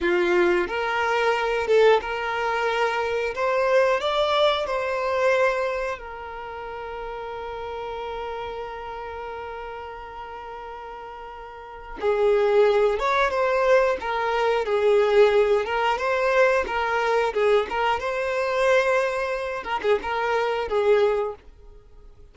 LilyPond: \new Staff \with { instrumentName = "violin" } { \time 4/4 \tempo 4 = 90 f'4 ais'4. a'8 ais'4~ | ais'4 c''4 d''4 c''4~ | c''4 ais'2.~ | ais'1~ |
ais'2 gis'4. cis''8 | c''4 ais'4 gis'4. ais'8 | c''4 ais'4 gis'8 ais'8 c''4~ | c''4. ais'16 gis'16 ais'4 gis'4 | }